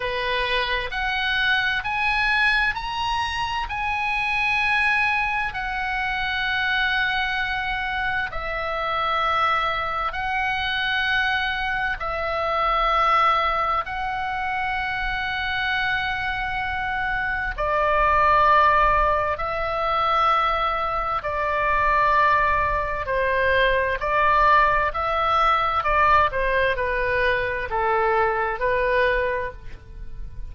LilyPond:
\new Staff \with { instrumentName = "oboe" } { \time 4/4 \tempo 4 = 65 b'4 fis''4 gis''4 ais''4 | gis''2 fis''2~ | fis''4 e''2 fis''4~ | fis''4 e''2 fis''4~ |
fis''2. d''4~ | d''4 e''2 d''4~ | d''4 c''4 d''4 e''4 | d''8 c''8 b'4 a'4 b'4 | }